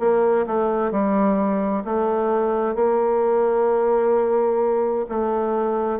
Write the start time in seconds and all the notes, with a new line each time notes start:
0.00 A#3
0.47 A3
0.92 G3
1.85 A3
2.75 A#3
5.09 A3